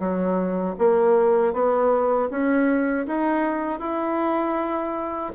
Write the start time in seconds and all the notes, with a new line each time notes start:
0.00 F#3
0.79 A#3
1.54 B3
2.31 C#4
3.07 D#4
3.80 E4